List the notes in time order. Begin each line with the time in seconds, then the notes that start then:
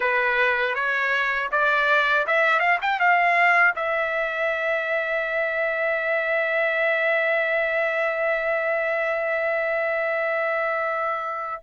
0.00 B4
0.74 C#5
1.51 D5
2.26 E5
2.59 F5
2.81 G5
2.99 F5
3.75 E5